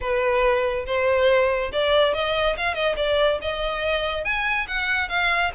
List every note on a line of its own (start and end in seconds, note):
0.00 0.85 B4
0.85 1.71 C5
1.72 2.14 D5
2.14 2.56 D#5
2.57 2.74 F5
2.74 2.95 D#5
2.96 3.39 D5
3.41 4.24 D#5
4.24 4.67 G#5
4.67 5.09 F#5
5.09 5.51 F5